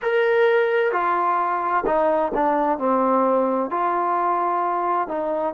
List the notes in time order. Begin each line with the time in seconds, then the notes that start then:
0.02 A#4
0.91 F4
1.85 D#4
2.34 D4
2.78 C4
3.70 F4
5.08 D#4